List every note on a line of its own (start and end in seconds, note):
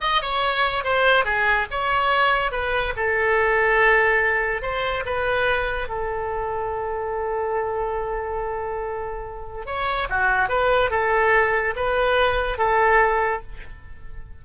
0.01 0.21 D#5
0.21 0.84 C#5
0.84 1.24 C5
1.24 1.66 G#4
1.71 2.51 C#5
2.51 2.93 B4
2.96 4.62 A4
4.62 5.04 C5
5.05 5.88 B4
5.88 9.65 A4
9.65 10.07 C#5
10.09 10.48 F#4
10.48 10.90 B4
10.90 11.74 A4
11.75 12.58 B4
12.58 13.42 A4